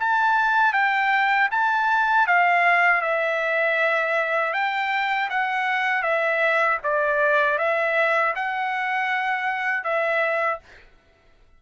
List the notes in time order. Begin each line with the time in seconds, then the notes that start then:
0.00 A5
0.73 G5
1.51 A5
2.27 F5
3.02 E5
4.53 G5
5.30 F#5
6.02 E5
6.84 D5
7.58 E5
8.36 F#5
9.84 E5